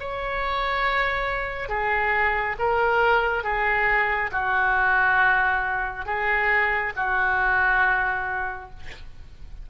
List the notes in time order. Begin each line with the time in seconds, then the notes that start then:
0.00 C#5
1.69 G#4
2.59 A#4
3.44 G#4
4.32 F#4
6.06 G#4
6.96 F#4